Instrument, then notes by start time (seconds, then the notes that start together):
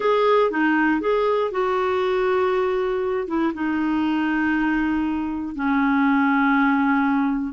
clarinet
0.00 G#4
0.50 D#4
1.00 G#4
1.51 F#4
3.27 E4
3.54 D#4
5.55 C#4